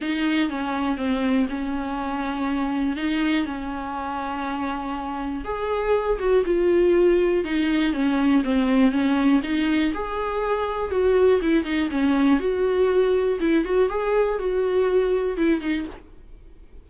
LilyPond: \new Staff \with { instrumentName = "viola" } { \time 4/4 \tempo 4 = 121 dis'4 cis'4 c'4 cis'4~ | cis'2 dis'4 cis'4~ | cis'2. gis'4~ | gis'8 fis'8 f'2 dis'4 |
cis'4 c'4 cis'4 dis'4 | gis'2 fis'4 e'8 dis'8 | cis'4 fis'2 e'8 fis'8 | gis'4 fis'2 e'8 dis'8 | }